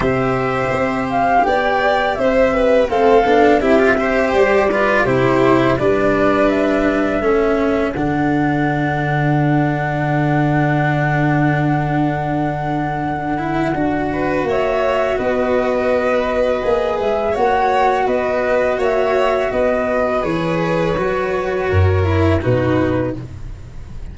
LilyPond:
<<
  \new Staff \with { instrumentName = "flute" } { \time 4/4 \tempo 4 = 83 e''4. f''8 g''4 e''4 | f''4 e''4 d''4 c''4 | d''4 e''2 fis''4~ | fis''1~ |
fis''1 | e''4 dis''2~ dis''8 e''8 | fis''4 dis''4 e''4 dis''4 | cis''2. b'4 | }
  \new Staff \with { instrumentName = "violin" } { \time 4/4 c''2 d''4 c''8 b'8 | a'4 g'8 c''4 b'8 g'4 | b'2 a'2~ | a'1~ |
a'2.~ a'8 b'8 | cis''4 b'2. | cis''4 b'4 cis''4 b'4~ | b'2 ais'4 fis'4 | }
  \new Staff \with { instrumentName = "cello" } { \time 4/4 g'1 | c'8 d'8 e'16 f'16 g'4 f'8 e'4 | d'2 cis'4 d'4~ | d'1~ |
d'2~ d'8 e'8 fis'4~ | fis'2. gis'4 | fis'1 | gis'4 fis'4. e'8 dis'4 | }
  \new Staff \with { instrumentName = "tuba" } { \time 4/4 c4 c'4 b4 c'4 | a8 b8 c'4 g4 c4 | g2 a4 d4~ | d1~ |
d2. d'4 | ais4 b2 ais8 gis8 | ais4 b4 ais4 b4 | e4 fis4 fis,4 b,4 | }
>>